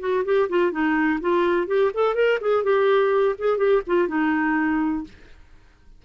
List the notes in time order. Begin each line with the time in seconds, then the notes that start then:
0.00 F#4
0.24 G4
0.49 F4
0.71 D#4
1.20 F4
1.67 G4
1.94 A4
2.14 A#4
2.40 G#4
2.63 G4
3.38 G#4
3.57 G4
3.87 F4
4.08 D#4